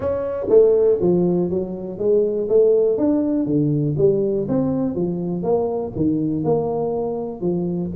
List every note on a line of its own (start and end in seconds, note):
0.00 0.46 C#4
0.49 0.98 A3
1.00 1.50 F3
1.50 1.98 F#3
1.98 2.48 G#3
2.48 2.97 A3
2.97 3.46 D4
3.46 3.95 D3
3.97 4.47 G3
4.48 4.95 C4
4.95 5.42 F3
5.42 5.92 A#3
5.95 6.43 D#3
6.43 7.40 A#3
7.40 7.90 F3